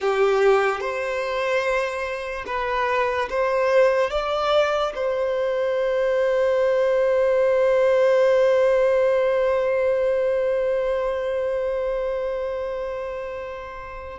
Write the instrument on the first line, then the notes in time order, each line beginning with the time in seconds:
violin
0.00 G4
0.80 C5
2.46 B4
3.29 C5
4.10 D5
4.95 C5